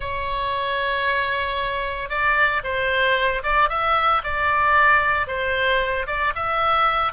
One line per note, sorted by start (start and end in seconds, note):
0.00 2.09 C#5
2.09 2.61 D5
2.63 3.42 C5
3.43 3.69 D5
3.69 4.22 E5
4.23 5.27 D5
5.27 6.06 C5
6.06 6.33 D5
6.35 7.12 E5